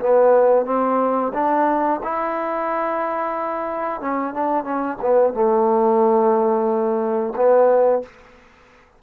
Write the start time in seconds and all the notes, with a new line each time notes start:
0.00 B3
0.65 C4
1.34 D4
2.03 E4
4.01 C#4
4.34 D4
4.64 C#4
5.02 B3
5.33 A3
7.36 B3